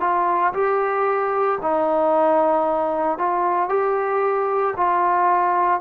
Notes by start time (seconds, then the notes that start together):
0.00 F4
0.53 G4
1.61 D#4
3.18 F4
3.68 G4
4.76 F4